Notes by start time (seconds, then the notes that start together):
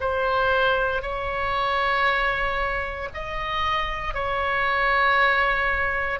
0.00 C5
1.02 C#5
3.14 D#5
4.14 C#5